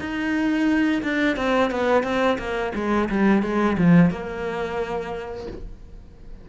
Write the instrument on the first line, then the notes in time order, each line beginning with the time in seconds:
cello
0.00 D#4
1.03 D4
1.36 C4
1.71 B3
2.03 C4
2.38 A#3
2.75 G#3
3.09 G3
3.42 G#3
3.77 F3
4.10 A#3